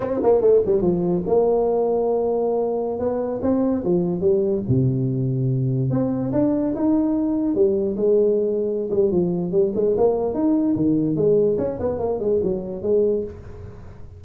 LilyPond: \new Staff \with { instrumentName = "tuba" } { \time 4/4 \tempo 4 = 145 c'8 ais8 a8 g8 f4 ais4~ | ais2.~ ais16 b8.~ | b16 c'4 f4 g4 c8.~ | c2~ c16 c'4 d'8.~ |
d'16 dis'2 g4 gis8.~ | gis4. g8 f4 g8 gis8 | ais4 dis'4 dis4 gis4 | cis'8 b8 ais8 gis8 fis4 gis4 | }